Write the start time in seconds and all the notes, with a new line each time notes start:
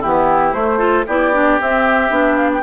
0.00 E3 B3 E4 G4
0.52 A3 C5
0.78 F4 A4
1.07 B3 E4 G4 D5
1.33 D4
1.59 C4 E5
2.10 B3 D4
2.37 F5
2.53 G5